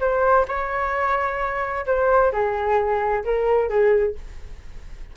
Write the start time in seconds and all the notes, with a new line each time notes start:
0.00 C5
0.48 C#5
1.86 C5
2.33 G#4
3.24 A#4
3.69 G#4